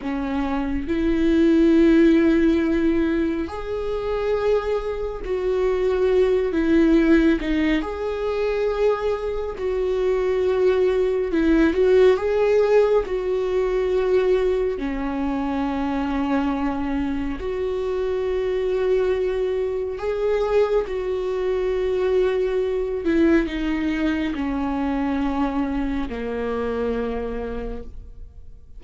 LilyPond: \new Staff \with { instrumentName = "viola" } { \time 4/4 \tempo 4 = 69 cis'4 e'2. | gis'2 fis'4. e'8~ | e'8 dis'8 gis'2 fis'4~ | fis'4 e'8 fis'8 gis'4 fis'4~ |
fis'4 cis'2. | fis'2. gis'4 | fis'2~ fis'8 e'8 dis'4 | cis'2 ais2 | }